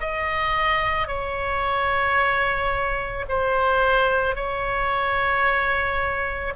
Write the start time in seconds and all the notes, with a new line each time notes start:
0.00 D#5
1.07 C#5
3.29 C5
4.35 C#5